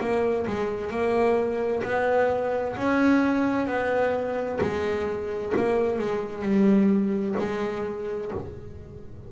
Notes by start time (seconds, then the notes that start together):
0.00 A#3
0.47 G#3
0.90 A#3
1.83 B3
2.77 C#4
3.67 B3
4.61 G#3
5.57 A#3
5.98 G#3
6.43 G3
7.39 G#3